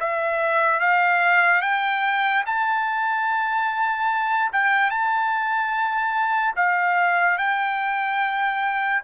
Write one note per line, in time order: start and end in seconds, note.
0.00 0.80 E5
0.80 1.62 F5
1.62 2.44 G5
2.46 4.52 A5
4.52 4.90 G5
4.90 6.55 A5
6.56 7.38 F5
7.38 9.02 G5